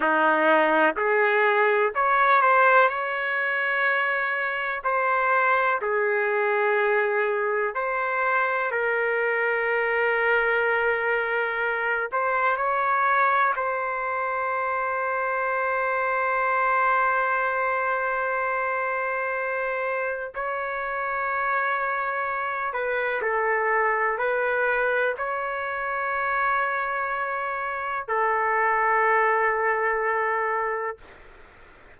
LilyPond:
\new Staff \with { instrumentName = "trumpet" } { \time 4/4 \tempo 4 = 62 dis'4 gis'4 cis''8 c''8 cis''4~ | cis''4 c''4 gis'2 | c''4 ais'2.~ | ais'8 c''8 cis''4 c''2~ |
c''1~ | c''4 cis''2~ cis''8 b'8 | a'4 b'4 cis''2~ | cis''4 a'2. | }